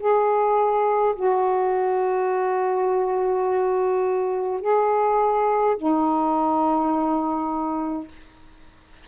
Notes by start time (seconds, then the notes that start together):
0.00 G#4
1.16 F#4
4.62 G#4
5.77 D#4